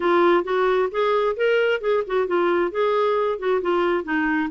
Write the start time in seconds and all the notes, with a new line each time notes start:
0.00 F4
0.43 F#4
0.91 G#4
1.36 A#4
1.80 G#4
2.06 F#4
2.27 F4
2.71 G#4
3.38 F#4
3.61 F4
4.04 D#4